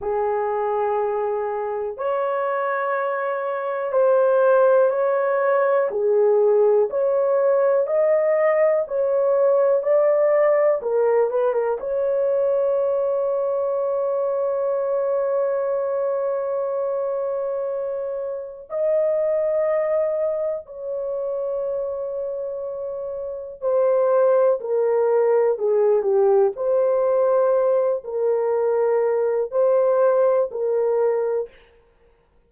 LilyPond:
\new Staff \with { instrumentName = "horn" } { \time 4/4 \tempo 4 = 61 gis'2 cis''2 | c''4 cis''4 gis'4 cis''4 | dis''4 cis''4 d''4 ais'8 b'16 ais'16 | cis''1~ |
cis''2. dis''4~ | dis''4 cis''2. | c''4 ais'4 gis'8 g'8 c''4~ | c''8 ais'4. c''4 ais'4 | }